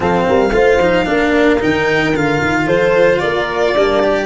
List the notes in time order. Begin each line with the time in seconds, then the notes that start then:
0.00 F3 C4 A4 F5
0.27 G3 A#4
0.51 A3 F4 C5
0.78 F3 D#4
1.05 A#3 D4 A#4
1.60 D#3 D#4 G5
2.14 D3 F4 F5
2.41 D#3
2.66 F3 A4 C5
3.19 A#3 A#4 D5
3.75 G3 A#3 D4
4.03 G4